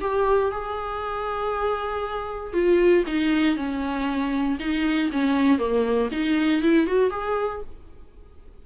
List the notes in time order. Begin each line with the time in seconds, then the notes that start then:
0.00 G4
0.51 G#4
2.53 F4
3.06 D#4
3.56 C#4
4.59 D#4
5.12 C#4
5.58 A#3
6.11 D#4
6.62 E4
6.86 F#4
7.10 G#4